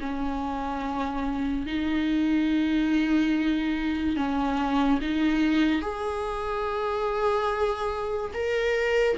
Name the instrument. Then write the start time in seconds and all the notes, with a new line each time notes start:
viola
0.00 C#4
1.66 D#4
4.16 C#4
5.01 D#4
5.81 G#4
8.33 A#4